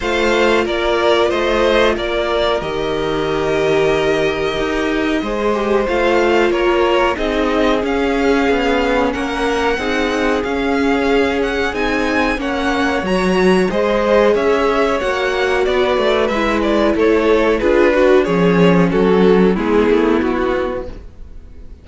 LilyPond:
<<
  \new Staff \with { instrumentName = "violin" } { \time 4/4 \tempo 4 = 92 f''4 d''4 dis''4 d''4 | dis''1~ | dis''4 f''4 cis''4 dis''4 | f''2 fis''2 |
f''4. fis''8 gis''4 fis''4 | ais''4 dis''4 e''4 fis''4 | d''4 e''8 d''8 cis''4 b'4 | cis''4 a'4 gis'4 fis'4 | }
  \new Staff \with { instrumentName = "violin" } { \time 4/4 c''4 ais'4 c''4 ais'4~ | ais'1 | c''2 ais'4 gis'4~ | gis'2 ais'4 gis'4~ |
gis'2. cis''4~ | cis''4 c''4 cis''2 | b'2 a'4 gis'8 fis'8 | gis'4 fis'4 e'2 | }
  \new Staff \with { instrumentName = "viola" } { \time 4/4 f'1 | g'1 | gis'8 g'8 f'2 dis'4 | cis'2. dis'4 |
cis'2 dis'4 cis'4 | fis'4 gis'2 fis'4~ | fis'4 e'2 f'8 fis'8 | cis'2 b2 | }
  \new Staff \with { instrumentName = "cello" } { \time 4/4 a4 ais4 a4 ais4 | dis2. dis'4 | gis4 a4 ais4 c'4 | cis'4 b4 ais4 c'4 |
cis'2 c'4 ais4 | fis4 gis4 cis'4 ais4 | b8 a8 gis4 a4 d'4 | f4 fis4 gis8 a8 b4 | }
>>